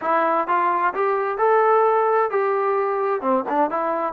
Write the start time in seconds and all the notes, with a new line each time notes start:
0.01 E4
0.47 F4
0.94 G4
1.38 A4
2.30 G4
3.21 C4
3.48 D4
3.70 E4